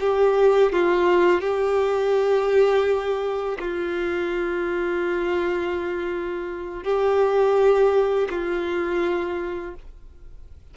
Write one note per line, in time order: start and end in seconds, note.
0.00 0.72 G4
0.72 1.41 F4
1.41 3.58 G4
3.59 6.83 F4
6.83 8.28 G4
8.30 9.75 F4